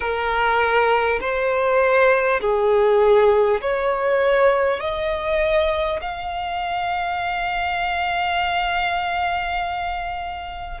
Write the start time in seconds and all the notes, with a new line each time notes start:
0.00 A#4
1.20 C5
2.40 G#4
3.61 C#5
4.80 D#5
6.01 F5